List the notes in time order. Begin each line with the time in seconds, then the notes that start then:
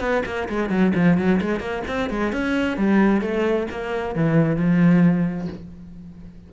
0.00 B3
0.26 A#3
0.49 G#3
0.70 F#3
0.95 F3
1.18 F#3
1.41 G#3
1.60 A#3
1.88 C4
2.10 G#3
2.32 C#4
2.77 G3
3.21 A3
3.71 A#3
4.15 E3
4.57 F3